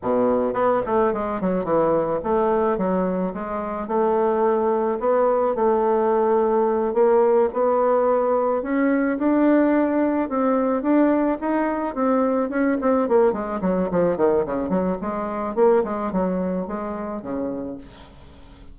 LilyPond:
\new Staff \with { instrumentName = "bassoon" } { \time 4/4 \tempo 4 = 108 b,4 b8 a8 gis8 fis8 e4 | a4 fis4 gis4 a4~ | a4 b4 a2~ | a8 ais4 b2 cis'8~ |
cis'8 d'2 c'4 d'8~ | d'8 dis'4 c'4 cis'8 c'8 ais8 | gis8 fis8 f8 dis8 cis8 fis8 gis4 | ais8 gis8 fis4 gis4 cis4 | }